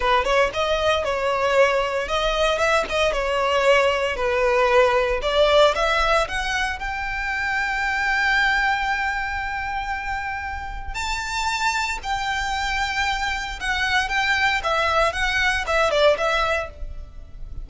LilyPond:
\new Staff \with { instrumentName = "violin" } { \time 4/4 \tempo 4 = 115 b'8 cis''8 dis''4 cis''2 | dis''4 e''8 dis''8 cis''2 | b'2 d''4 e''4 | fis''4 g''2.~ |
g''1~ | g''4 a''2 g''4~ | g''2 fis''4 g''4 | e''4 fis''4 e''8 d''8 e''4 | }